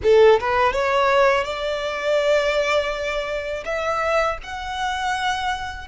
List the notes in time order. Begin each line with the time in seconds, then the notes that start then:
0.03 A4
0.40 B4
0.73 C#5
1.44 D5
3.65 E5
4.43 F#5